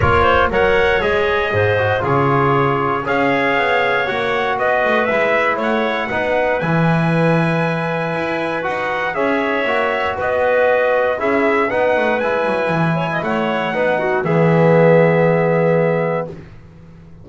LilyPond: <<
  \new Staff \with { instrumentName = "trumpet" } { \time 4/4 \tempo 4 = 118 cis''4 fis''4 dis''2 | cis''2 f''2 | fis''4 dis''4 e''4 fis''4~ | fis''4 gis''2.~ |
gis''4 fis''4 e''2 | dis''2 e''4 fis''4 | gis''2 fis''2 | e''1 | }
  \new Staff \with { instrumentName = "clarinet" } { \time 4/4 ais'8 c''8 cis''2 c''4 | gis'2 cis''2~ | cis''4 b'2 cis''4 | b'1~ |
b'2 cis''2 | b'2 gis'4 b'4~ | b'4. cis''16 dis''16 cis''4 b'8 fis'8 | gis'1 | }
  \new Staff \with { instrumentName = "trombone" } { \time 4/4 f'4 ais'4 gis'4. fis'8 | f'2 gis'2 | fis'2 e'2 | dis'4 e'2.~ |
e'4 fis'4 gis'4 fis'4~ | fis'2 e'4 dis'4 | e'2. dis'4 | b1 | }
  \new Staff \with { instrumentName = "double bass" } { \time 4/4 ais4 fis4 gis4 gis,4 | cis2 cis'4 b4 | ais4 b8 a8 gis4 a4 | b4 e2. |
e'4 dis'4 cis'4 ais4 | b2 cis'4 b8 a8 | gis8 fis8 e4 a4 b4 | e1 | }
>>